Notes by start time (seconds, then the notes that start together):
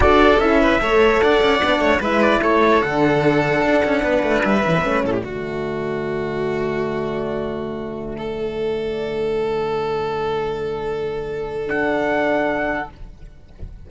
0.00 D4 F#4 A4 D5
0.39 C#4 E4 E5
0.60 B4
0.80 A3 A4 C#5
1.20 D4 D5 F#5
1.41 C#4
1.62 B3 D4
1.79 A3 C#5
2.00 G#3 E4 B4 E5
2.22 D5
2.42 A3 A4 C#5
2.82 D3 D4 F#5
3.62 D4
3.85 C#4
4.03 B3 B4
4.22 A3
4.43 G3 E5
4.63 E3 C#4
4.75 B3
4.83 A3 C#4
5.04 A2 A4 D5
5.12 G4
5.21 D3 A3 F#4
8.17 A4
11.67 D4 F#5